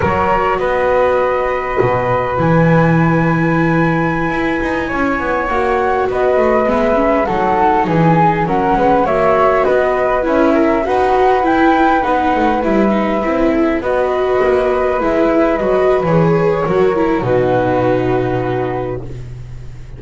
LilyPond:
<<
  \new Staff \with { instrumentName = "flute" } { \time 4/4 \tempo 4 = 101 cis''4 dis''2. | gis''1~ | gis''4~ gis''16 fis''4 dis''4 e''8.~ | e''16 fis''4 gis''4 fis''4 e''8.~ |
e''16 dis''4 e''4 fis''4 g''8.~ | g''16 fis''4 e''2 dis''8.~ | dis''4~ dis''16 e''4 dis''8. cis''4~ | cis''4 b'2. | }
  \new Staff \with { instrumentName = "flute" } { \time 4/4 ais'4 b'2.~ | b'1~ | b'16 cis''2 b'4.~ b'16~ | b'16 a'4 gis'4 ais'8 b'8 cis''8.~ |
cis''16 b'4. ais'8 b'4.~ b'16~ | b'2~ b'8. a'8 b'8.~ | b'1 | ais'4 fis'2. | }
  \new Staff \with { instrumentName = "viola" } { \time 4/4 fis'1 | e'1~ | e'4~ e'16 fis'2 b8 cis'16~ | cis'16 dis'2 cis'4 fis'8.~ |
fis'4~ fis'16 e'4 fis'4 e'8.~ | e'16 dis'4 e'8 dis'8 e'4 fis'8.~ | fis'4~ fis'16 e'4 fis'8. gis'4 | fis'8 e'8 dis'2. | }
  \new Staff \with { instrumentName = "double bass" } { \time 4/4 fis4 b2 b,4 | e2.~ e16 e'8 dis'16~ | dis'16 cis'8 b8 ais4 b8 a8 gis8.~ | gis16 fis4 e4 fis8 gis8 ais8.~ |
ais16 b4 cis'4 dis'4 e'8.~ | e'16 b8 a8 g4 c'4 b8.~ | b16 ais4 gis4 fis8. e4 | fis4 b,2. | }
>>